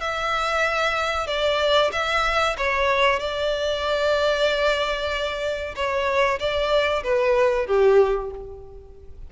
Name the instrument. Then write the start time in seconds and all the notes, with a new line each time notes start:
violin
0.00 E5
1.27 D5
1.92 E5
2.57 C#5
3.19 D5
5.75 C#5
6.39 D5
7.03 B4
7.67 G4